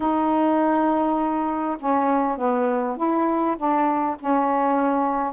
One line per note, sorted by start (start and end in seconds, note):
0.00 1.77 D#4
1.79 2.37 C#4
2.37 2.96 B3
2.96 3.56 E4
3.57 4.16 D4
4.20 5.33 C#4